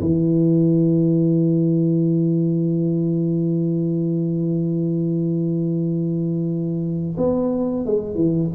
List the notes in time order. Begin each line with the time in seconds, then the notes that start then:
0.00 E3
7.17 B3
7.85 G#3
8.15 E3